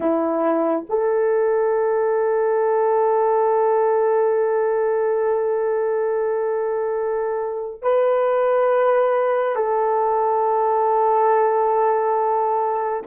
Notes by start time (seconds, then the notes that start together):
0.00 E4
0.89 A4
7.82 B4
9.55 A4